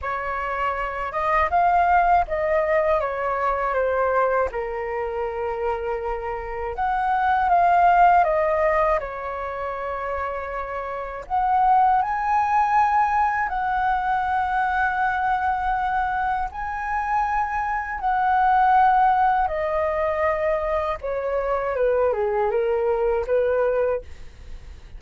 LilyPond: \new Staff \with { instrumentName = "flute" } { \time 4/4 \tempo 4 = 80 cis''4. dis''8 f''4 dis''4 | cis''4 c''4 ais'2~ | ais'4 fis''4 f''4 dis''4 | cis''2. fis''4 |
gis''2 fis''2~ | fis''2 gis''2 | fis''2 dis''2 | cis''4 b'8 gis'8 ais'4 b'4 | }